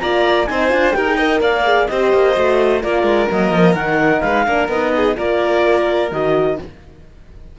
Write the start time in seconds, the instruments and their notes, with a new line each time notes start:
0.00 cello A#3, horn F4, violin D5, clarinet A#5
0.46 cello C4, horn D#4, violin C5, clarinet G#5
0.70 cello D4, horn F4
0.92 cello D#4, horn G4, violin A#4, clarinet G5
1.06 horn G#4
1.17 horn A#4, violin D#5
1.41 cello A#3, violin D5, clarinet F5
1.65 horn G#4
1.87 cello C4, horn G4, violin C5, clarinet D#5
2.14 cello A#3
2.36 cello A3, horn F#4
2.82 cello A#3, horn F4, violin A#4, clarinet D5
3.03 cello G#3
3.30 cello F#3, horn A#3, clarinet D#5
3.52 cello F3
3.75 cello D#3, horn D#4, clarinet F#5
4.21 cello G#3, violin B4, clarinet F5
4.47 cello A#3, horn D4, violin A#4
4.69 cello B3, horn D#4, clarinet D#5
4.97 violin G#4
5.17 cello A#3, horn F4, violin A#4, clarinet D5
6.12 cello D#3, horn F#4, clarinet D#5